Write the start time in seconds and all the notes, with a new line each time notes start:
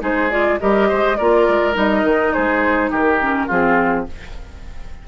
0.00 G#3 D#4 G#4 C5
0.31 F4 D5
0.60 G3 G4 A#4 D#5
0.89 G#3 C5
1.17 A#3 F4 A#4 D5
1.48 G#3
1.74 G3 D#4 D#5
2.04 D#3
2.34 G#3 G#4 C5
2.91 D#3 G4 A#4
3.21 C#4
3.47 F3 C4 F4 G#4